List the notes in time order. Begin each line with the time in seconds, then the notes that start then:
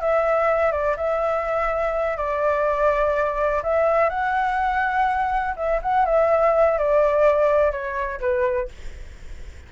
0.00 E5
0.71 D5
0.96 E5
2.17 D5
3.63 E5
4.09 F#5
5.56 E5
5.82 F#5
6.05 E5
6.78 D5
7.71 C#5
8.20 B4